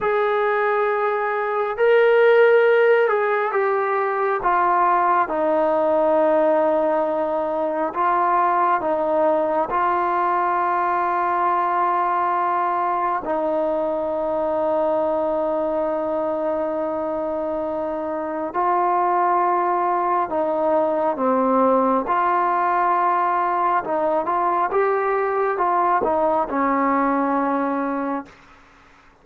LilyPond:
\new Staff \with { instrumentName = "trombone" } { \time 4/4 \tempo 4 = 68 gis'2 ais'4. gis'8 | g'4 f'4 dis'2~ | dis'4 f'4 dis'4 f'4~ | f'2. dis'4~ |
dis'1~ | dis'4 f'2 dis'4 | c'4 f'2 dis'8 f'8 | g'4 f'8 dis'8 cis'2 | }